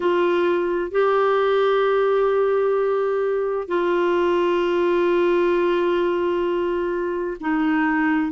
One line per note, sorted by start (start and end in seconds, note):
0.00 0.91 F4
0.91 3.68 G4
3.68 7.37 F4
7.40 8.32 D#4